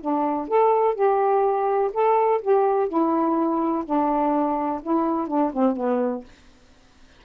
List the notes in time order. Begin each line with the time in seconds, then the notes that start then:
0.00 D4
0.48 A4
0.95 G4
1.93 A4
2.41 G4
2.88 E4
3.85 D4
4.82 E4
5.27 D4
5.53 C4
5.76 B3